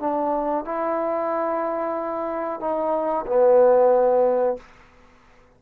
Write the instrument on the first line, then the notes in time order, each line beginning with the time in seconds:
trombone
0.00 D4
0.65 E4
2.60 D#4
3.27 B3